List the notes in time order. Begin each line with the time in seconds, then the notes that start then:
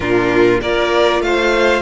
0.00 A#2 D4 F4 A#4
0.61 A#3 F4 A#4 D5
1.19 A3 F5
1.26 C5